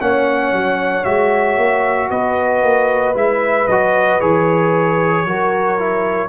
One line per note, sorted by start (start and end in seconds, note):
0.00 0.52 A#3
0.00 1.04 C#4
0.00 2.10 C#5
0.00 1.04 F#5
0.52 1.05 F#3
1.04 1.57 G#3
1.04 3.14 F#4
1.04 2.09 E5
1.57 2.09 A#3
2.10 2.62 B3
2.10 5.26 B4
2.10 3.15 D#5
2.62 3.14 A#3
3.14 3.67 G#3
3.14 3.67 E4
3.14 3.67 E5
3.67 4.20 F#3
3.67 4.20 F#4
3.67 4.20 D#5
4.20 5.24 E3
4.20 5.26 G#4
4.20 6.29 C#5
5.24 6.29 F#3
5.24 5.78 F#4
5.24 6.29 A#4
5.78 6.29 E4